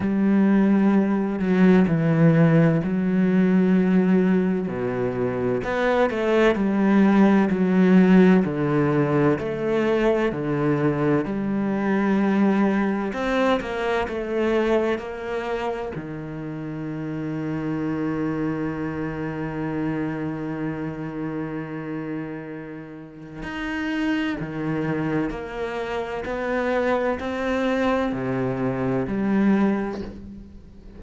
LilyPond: \new Staff \with { instrumentName = "cello" } { \time 4/4 \tempo 4 = 64 g4. fis8 e4 fis4~ | fis4 b,4 b8 a8 g4 | fis4 d4 a4 d4 | g2 c'8 ais8 a4 |
ais4 dis2.~ | dis1~ | dis4 dis'4 dis4 ais4 | b4 c'4 c4 g4 | }